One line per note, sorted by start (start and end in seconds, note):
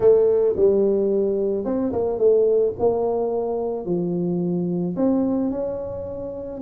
0.00 0.55 A3
0.56 1.64 G3
1.64 1.92 C4
1.92 2.18 A#3
2.18 2.73 A3
2.79 3.85 A#3
3.85 4.95 F3
4.96 5.50 C4
5.50 6.61 C#4